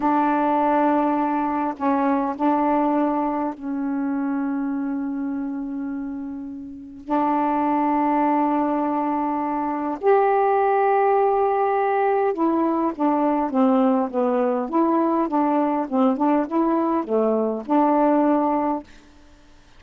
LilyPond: \new Staff \with { instrumentName = "saxophone" } { \time 4/4 \tempo 4 = 102 d'2. cis'4 | d'2 cis'2~ | cis'1 | d'1~ |
d'4 g'2.~ | g'4 e'4 d'4 c'4 | b4 e'4 d'4 c'8 d'8 | e'4 a4 d'2 | }